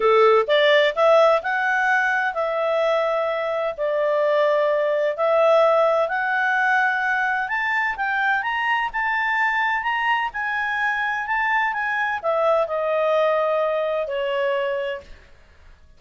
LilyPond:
\new Staff \with { instrumentName = "clarinet" } { \time 4/4 \tempo 4 = 128 a'4 d''4 e''4 fis''4~ | fis''4 e''2. | d''2. e''4~ | e''4 fis''2. |
a''4 g''4 ais''4 a''4~ | a''4 ais''4 gis''2 | a''4 gis''4 e''4 dis''4~ | dis''2 cis''2 | }